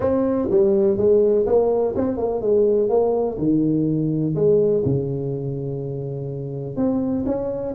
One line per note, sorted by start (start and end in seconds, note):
0.00 0.48 C4
0.51 0.97 G3
0.97 1.45 G#3
1.46 1.94 A#3
1.96 2.17 C4
2.17 2.41 A#3
2.41 2.89 G#3
2.89 3.37 A#3
3.38 4.34 D#3
4.35 4.83 G#3
4.85 6.76 C#3
6.76 7.24 C4
7.26 7.74 C#4